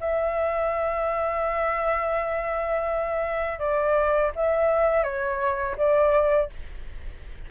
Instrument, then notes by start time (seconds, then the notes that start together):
flute
0.00 E5
3.59 D5
4.35 E5
5.03 C#5
5.77 D5